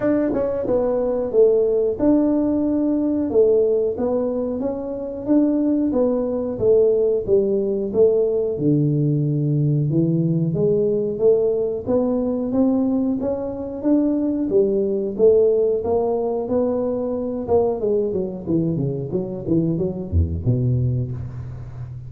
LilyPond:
\new Staff \with { instrumentName = "tuba" } { \time 4/4 \tempo 4 = 91 d'8 cis'8 b4 a4 d'4~ | d'4 a4 b4 cis'4 | d'4 b4 a4 g4 | a4 d2 e4 |
gis4 a4 b4 c'4 | cis'4 d'4 g4 a4 | ais4 b4. ais8 gis8 fis8 | e8 cis8 fis8 e8 fis8 e,8 b,4 | }